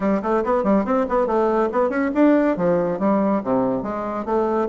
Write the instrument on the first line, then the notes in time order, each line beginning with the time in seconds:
bassoon
0.00 G3
0.22 A3
0.44 B3
0.63 G3
0.84 C4
1.08 B3
1.26 A3
1.72 B3
1.89 C#4
2.14 D4
2.56 F3
2.99 G3
3.43 C3
3.83 G#3
4.25 A3